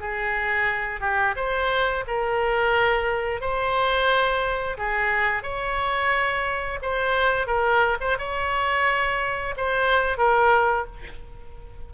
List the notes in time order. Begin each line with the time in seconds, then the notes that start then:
0.00 G#4
1.01 G4
1.36 C5
2.07 A#4
3.41 C5
4.78 G#4
5.43 C#5
6.82 C5
7.47 A#4
8.01 C5
8.18 C#5
9.57 C5
10.18 A#4